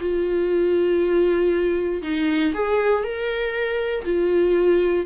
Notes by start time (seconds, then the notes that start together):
0.00 F4
2.02 D#4
2.54 G#4
3.03 A#4
4.05 F4